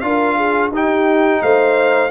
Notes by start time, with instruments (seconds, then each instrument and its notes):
0.00 tuba D4, trombone F4, horn A#4, trumpet F5
0.37 horn G#4
0.71 tuba D#4, trombone D#4, horn G4, trumpet G5
1.42 tuba A3, horn C5, trumpet F5